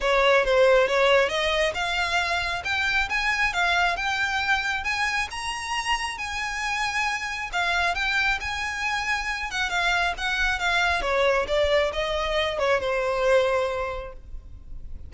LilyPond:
\new Staff \with { instrumentName = "violin" } { \time 4/4 \tempo 4 = 136 cis''4 c''4 cis''4 dis''4 | f''2 g''4 gis''4 | f''4 g''2 gis''4 | ais''2 gis''2~ |
gis''4 f''4 g''4 gis''4~ | gis''4. fis''8 f''4 fis''4 | f''4 cis''4 d''4 dis''4~ | dis''8 cis''8 c''2. | }